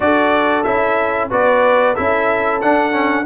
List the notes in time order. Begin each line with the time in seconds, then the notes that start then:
0.00 D4 F#4 A4 D5
0.63 C#4 E4 E5
1.30 B3 F#4 B4 D5
1.94 C#4 E4 A4 E5
2.61 D4 F#5
2.91 C#4